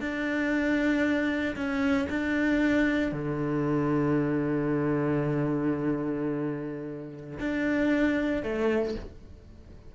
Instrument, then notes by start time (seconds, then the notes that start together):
cello
0.00 D4
1.56 C#4
2.09 D4
3.12 D3
7.39 D4
8.43 A3